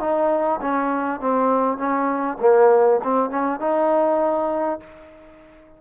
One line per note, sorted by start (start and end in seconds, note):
0.00 0.60 D#4
0.61 1.20 C#4
1.20 1.78 C4
1.78 2.38 C#4
2.40 3.00 A#3
3.03 3.30 C4
3.30 3.60 C#4
3.60 4.80 D#4